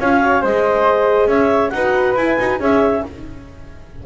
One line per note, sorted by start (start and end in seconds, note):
0.00 0.43 C#4
0.00 0.21 F4
0.00 0.42 C#5
0.00 0.44 F5
0.21 0.42 F#4
0.42 1.27 G#3
0.42 1.74 G#4
0.42 1.29 C5
0.42 1.29 D#5
1.27 1.70 C#4
1.27 1.72 C#5
1.27 1.70 E5
1.70 2.16 D#4
1.70 2.19 F#4
1.70 2.61 B4
1.70 2.13 F#5
2.16 2.38 E4
2.16 2.40 E4
2.16 2.60 G#5
2.39 2.60 D#4
2.39 2.59 F#4
2.59 3.03 C#4
2.59 3.03 G#4
2.59 3.04 C#5
2.59 3.06 E5